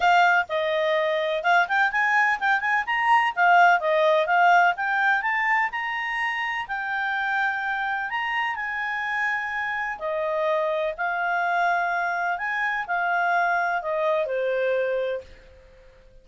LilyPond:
\new Staff \with { instrumentName = "clarinet" } { \time 4/4 \tempo 4 = 126 f''4 dis''2 f''8 g''8 | gis''4 g''8 gis''8 ais''4 f''4 | dis''4 f''4 g''4 a''4 | ais''2 g''2~ |
g''4 ais''4 gis''2~ | gis''4 dis''2 f''4~ | f''2 gis''4 f''4~ | f''4 dis''4 c''2 | }